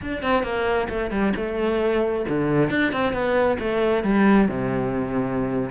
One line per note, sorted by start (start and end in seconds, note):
0.01 0.22 D4
0.22 0.43 C4
0.43 0.88 A#3
0.89 1.10 A3
1.10 1.33 G3
1.36 2.25 A3
2.29 2.70 D3
2.70 2.92 D4
2.92 3.12 C4
3.12 3.57 B3
3.59 4.03 A3
4.03 4.48 G3
4.48 5.70 C3